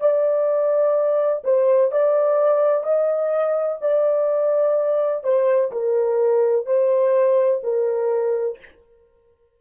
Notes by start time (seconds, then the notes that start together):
0.00 D5
1.44 C5
1.91 D5
2.84 D#5
3.81 D5
5.24 C5
5.72 A#4
6.66 C5
7.63 A#4